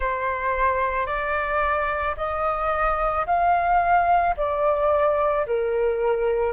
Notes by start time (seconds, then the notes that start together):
0.00 C5
1.06 D5
2.16 D#5
3.26 F5
4.36 D5
5.46 A#4